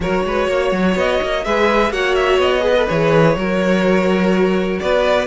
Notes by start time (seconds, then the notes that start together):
0.00 F#3 F#4 A#4 C#5
0.24 G#3 B4
0.47 A#3 C#5
0.71 F#3
0.95 B3 D#5
1.22 A#3
1.44 G#3 G#4 B4 E5
1.90 A#3 F#4 C#5 F#5
2.15 E5
2.38 B3 D#5
2.60 G#4 B4
2.77 A4
2.88 E3 G#4 C#5
3.35 F#3 F#4 A#4
4.79 B3 B4 D5